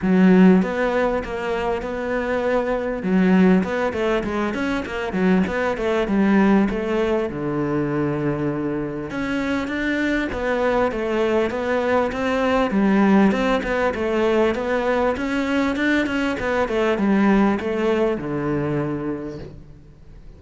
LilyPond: \new Staff \with { instrumentName = "cello" } { \time 4/4 \tempo 4 = 99 fis4 b4 ais4 b4~ | b4 fis4 b8 a8 gis8 cis'8 | ais8 fis8 b8 a8 g4 a4 | d2. cis'4 |
d'4 b4 a4 b4 | c'4 g4 c'8 b8 a4 | b4 cis'4 d'8 cis'8 b8 a8 | g4 a4 d2 | }